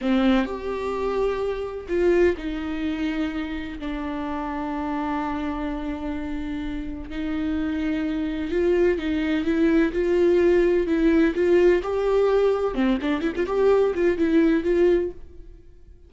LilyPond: \new Staff \with { instrumentName = "viola" } { \time 4/4 \tempo 4 = 127 c'4 g'2. | f'4 dis'2. | d'1~ | d'2. dis'4~ |
dis'2 f'4 dis'4 | e'4 f'2 e'4 | f'4 g'2 c'8 d'8 | e'16 f'16 g'4 f'8 e'4 f'4 | }